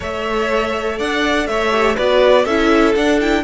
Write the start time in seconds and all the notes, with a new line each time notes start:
0.00 A3 A4 C#5 E5
0.98 D4 D5 F#5
1.46 A3 C#5 E5
1.71 G4
1.95 B3 F#4 B4 D5
2.44 C#4 E4 A4 E5
2.95 D4 F#5
3.20 E4 G5